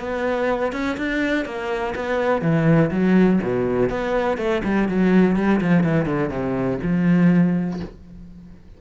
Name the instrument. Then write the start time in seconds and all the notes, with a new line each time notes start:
cello
0.00 B3
0.73 C#4
0.98 D4
1.46 A#3
1.96 B3
2.42 E3
2.91 F#3
3.43 B2
3.90 B3
4.38 A3
4.64 G3
4.89 F#3
5.37 G3
5.61 F3
5.84 E3
6.06 D3
6.30 C3
6.83 F3